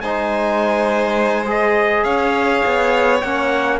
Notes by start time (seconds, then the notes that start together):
0.00 G#3 D#4 C5 G#5
1.45 G#4 D#5
2.03 C#4 C#5 F5
2.65 B3
3.20 A#3 C#4 F#5